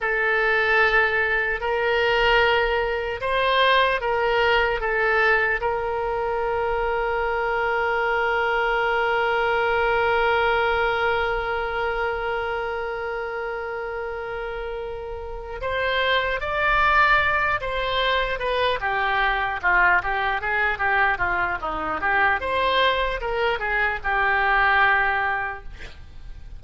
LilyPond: \new Staff \with { instrumentName = "oboe" } { \time 4/4 \tempo 4 = 75 a'2 ais'2 | c''4 ais'4 a'4 ais'4~ | ais'1~ | ais'1~ |
ais'2.~ ais'8 c''8~ | c''8 d''4. c''4 b'8 g'8~ | g'8 f'8 g'8 gis'8 g'8 f'8 dis'8 g'8 | c''4 ais'8 gis'8 g'2 | }